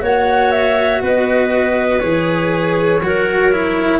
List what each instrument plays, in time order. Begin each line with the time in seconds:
0.00 tuba A#3, cello F#4, clarinet C#5, flute F#5
0.52 flute E5
1.02 tuba B3, clarinet B4, flute D#5
2.00 tuba E3, cello G#4, flute C#5
3.00 tuba F#3, cello F#4, clarinet A#4
3.52 cello E4